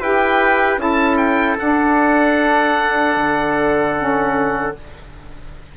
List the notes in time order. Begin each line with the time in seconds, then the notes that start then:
0.00 E4 G4 B4 G5
0.77 C#4 E4 A4 A5
1.17 G5
1.59 D4 F#5
3.16 D3
3.97 C#4